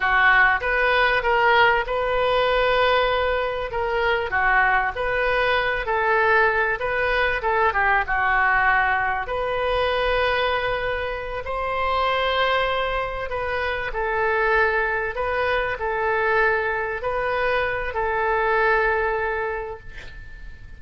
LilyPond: \new Staff \with { instrumentName = "oboe" } { \time 4/4 \tempo 4 = 97 fis'4 b'4 ais'4 b'4~ | b'2 ais'4 fis'4 | b'4. a'4. b'4 | a'8 g'8 fis'2 b'4~ |
b'2~ b'8 c''4.~ | c''4. b'4 a'4.~ | a'8 b'4 a'2 b'8~ | b'4 a'2. | }